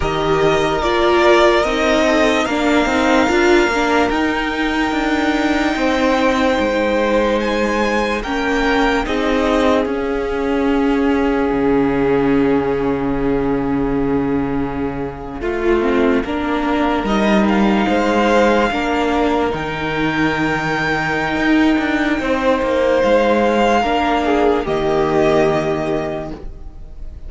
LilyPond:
<<
  \new Staff \with { instrumentName = "violin" } { \time 4/4 \tempo 4 = 73 dis''4 d''4 dis''4 f''4~ | f''4 g''2.~ | g''4 gis''4 g''4 dis''4 | f''1~ |
f''1~ | f''8. dis''8 f''2~ f''8 g''16~ | g''1 | f''2 dis''2 | }
  \new Staff \with { instrumentName = "violin" } { \time 4/4 ais'2~ ais'8 a'8 ais'4~ | ais'2. c''4~ | c''2 ais'4 gis'4~ | gis'1~ |
gis'2~ gis'8. f'4 ais'16~ | ais'4.~ ais'16 c''4 ais'4~ ais'16~ | ais'2. c''4~ | c''4 ais'8 gis'8 g'2 | }
  \new Staff \with { instrumentName = "viola" } { \time 4/4 g'4 f'4 dis'4 d'8 dis'8 | f'8 d'8 dis'2.~ | dis'2 cis'4 dis'4 | cis'1~ |
cis'2~ cis'8. f'8 c'8 d'16~ | d'8. dis'2 d'4 dis'16~ | dis'1~ | dis'4 d'4 ais2 | }
  \new Staff \with { instrumentName = "cello" } { \time 4/4 dis4 ais4 c'4 ais8 c'8 | d'8 ais8 dis'4 d'4 c'4 | gis2 ais4 c'4 | cis'2 cis2~ |
cis2~ cis8. a4 ais16~ | ais8. g4 gis4 ais4 dis16~ | dis2 dis'8 d'8 c'8 ais8 | gis4 ais4 dis2 | }
>>